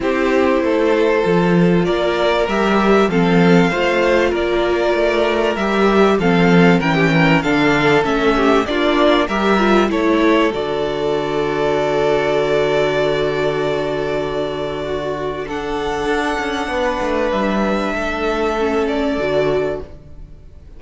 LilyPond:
<<
  \new Staff \with { instrumentName = "violin" } { \time 4/4 \tempo 4 = 97 c''2. d''4 | e''4 f''2 d''4~ | d''4 e''4 f''4 g''4 | f''4 e''4 d''4 e''4 |
cis''4 d''2.~ | d''1~ | d''4 fis''2. | e''2~ e''8 d''4. | }
  \new Staff \with { instrumentName = "violin" } { \time 4/4 g'4 a'2 ais'4~ | ais'4 a'4 c''4 ais'4~ | ais'2 a'4 ais'16 g'16 ais'8 | a'4. g'8 f'4 ais'4 |
a'1~ | a'1 | fis'4 a'2 b'4~ | b'4 a'2. | }
  \new Staff \with { instrumentName = "viola" } { \time 4/4 e'2 f'2 | g'4 c'4 f'2~ | f'4 g'4 c'4 cis'4 | d'4 cis'4 d'4 g'8 f'8 |
e'4 fis'2.~ | fis'1~ | fis'4 d'2.~ | d'2 cis'4 fis'4 | }
  \new Staff \with { instrumentName = "cello" } { \time 4/4 c'4 a4 f4 ais4 | g4 f4 a4 ais4 | a4 g4 f4 e4 | d4 a4 ais4 g4 |
a4 d2.~ | d1~ | d2 d'8 cis'8 b8 a8 | g4 a2 d4 | }
>>